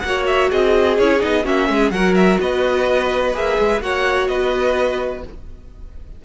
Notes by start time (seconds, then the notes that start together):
0.00 A#3 F#4 F#5
0.07 C#5
0.27 E5
0.50 C4 G#4 D#5
0.99 C#4 E4 C#5
1.19 B3 D#4 D#5
1.44 A#3 C#4 F#4 E5
1.70 G#3 G#4
1.91 F#3 F#4 A#4 F#5
2.15 E5
2.40 B3 B4 D#5
3.34 A#3 G#4 E5
3.59 G#3
3.81 A#3 F#4 C#5 F#5
4.28 B3 B4 D#5